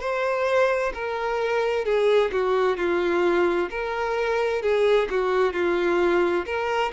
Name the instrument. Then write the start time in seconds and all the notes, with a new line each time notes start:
violin
0.00 C5
0.94 A#4
1.85 G#4
2.32 F#4
2.77 F4
3.70 A#4
4.62 G#4
5.10 F#4
5.53 F4
6.45 A#4